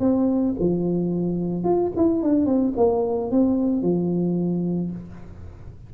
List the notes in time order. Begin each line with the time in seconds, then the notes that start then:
0.00 C4
0.60 F3
1.64 F4
1.97 E4
2.23 D4
2.46 C4
2.77 A#3
3.31 C4
3.82 F3